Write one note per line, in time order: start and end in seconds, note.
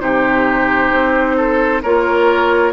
0.00 0.91 C3
0.00 1.82 D#4
0.00 1.36 G4
0.00 1.82 C5
0.91 1.82 C4
1.36 1.82 A4
1.82 2.73 A#3
1.82 2.73 F4
1.82 2.73 A#4
1.82 2.73 C#5